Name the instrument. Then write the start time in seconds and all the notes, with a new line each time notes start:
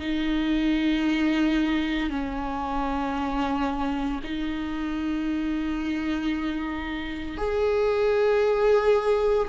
viola
0.00 D#4
2.10 C#4
4.23 D#4
7.38 G#4